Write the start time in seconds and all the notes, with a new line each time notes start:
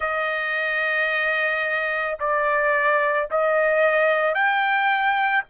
0.00 D#5
2.19 D5
3.30 D#5
4.34 G5